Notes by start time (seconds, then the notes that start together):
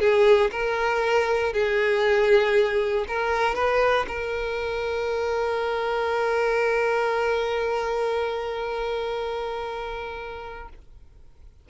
0.00 G#4
0.52 A#4
1.53 G#4
3.08 A#4
3.55 B4
4.08 A#4